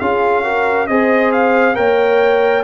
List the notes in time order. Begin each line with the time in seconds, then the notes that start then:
0.00 C#4 F4 G#4 F5
0.44 F#4 A#4
0.88 C4 G#4 C5 D#5
1.32 F5
1.75 A#3 A#4 C#5 G5